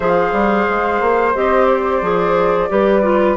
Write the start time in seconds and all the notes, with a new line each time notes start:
0.00 F3 G#4 C5 F5
0.32 G3
0.69 G#3
1.01 A#3
1.34 C4 G4 D#5
1.65 D5
2.01 F3 G#4
2.69 G3 G4 B4
3.02 F4